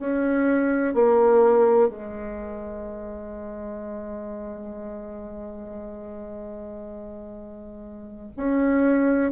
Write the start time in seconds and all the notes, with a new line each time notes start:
0.00 C#4
0.94 A#3
1.89 G#3
8.37 C#4